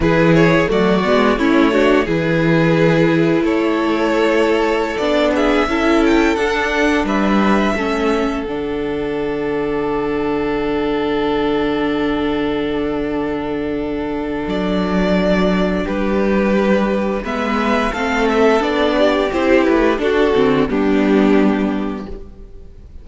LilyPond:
<<
  \new Staff \with { instrumentName = "violin" } { \time 4/4 \tempo 4 = 87 b'8 cis''8 d''4 cis''4 b'4~ | b'4 cis''2~ cis''16 d''8 e''16~ | e''8. g''8 fis''4 e''4.~ e''16~ | e''16 fis''2.~ fis''8.~ |
fis''1~ | fis''4 d''2 b'4~ | b'4 e''4 f''8 e''8 d''4 | c''8 b'8 a'4 g'2 | }
  \new Staff \with { instrumentName = "violin" } { \time 4/4 gis'4 fis'4 e'8 fis'8 gis'4~ | gis'4 a'2~ a'8. gis'16~ | gis'16 a'2 b'4 a'8.~ | a'1~ |
a'1~ | a'2. g'4~ | g'4 b'4 a'4. g'8~ | g'4 fis'4 d'2 | }
  \new Staff \with { instrumentName = "viola" } { \time 4/4 e'4 a8 b8 cis'8 d'8 e'4~ | e'2.~ e'16 d'8.~ | d'16 e'4 d'2 cis'8.~ | cis'16 d'2.~ d'8.~ |
d'1~ | d'1~ | d'4 b4 c'4 d'4 | e'4 d'8 c'8 b2 | }
  \new Staff \with { instrumentName = "cello" } { \time 4/4 e4 fis8 gis8 a4 e4~ | e4 a2~ a16 b8.~ | b16 cis'4 d'4 g4 a8.~ | a16 d2.~ d8.~ |
d1~ | d4 fis2 g4~ | g4 gis4 a4 b4 | c'8 a8 d'8 d8 g2 | }
>>